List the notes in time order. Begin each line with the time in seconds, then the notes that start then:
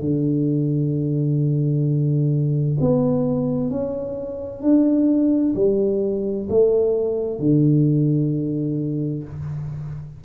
0.00 D3
2.80 B3
3.70 C#4
4.61 D4
5.55 G3
6.49 A3
7.39 D3